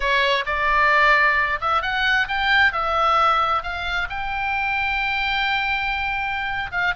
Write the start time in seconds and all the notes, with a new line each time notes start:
0.00 C#5
0.45 D5
1.60 E5
1.82 F#5
2.27 G5
2.72 E5
3.62 F5
4.09 G5
6.71 F5